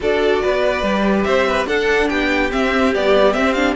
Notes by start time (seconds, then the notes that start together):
0.00 D4 F#4 A4 D5
0.42 B3 B4
0.82 G3 G4
1.23 C4 C5 E5
1.47 B4
1.66 D4 A4 F#5
2.08 B3 G4 G5
2.50 C4 E5
2.94 G3 B3 D5
3.33 C4 E5
3.53 D4 F5